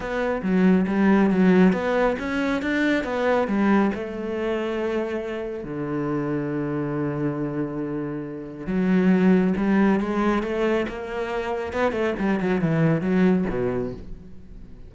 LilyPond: \new Staff \with { instrumentName = "cello" } { \time 4/4 \tempo 4 = 138 b4 fis4 g4 fis4 | b4 cis'4 d'4 b4 | g4 a2.~ | a4 d2.~ |
d1 | fis2 g4 gis4 | a4 ais2 b8 a8 | g8 fis8 e4 fis4 b,4 | }